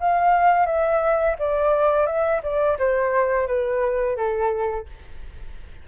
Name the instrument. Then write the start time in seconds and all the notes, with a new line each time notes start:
flute
0.00 F5
0.66 E5
1.39 D5
2.06 E5
2.43 D5
2.78 C5
3.47 B4
4.16 A4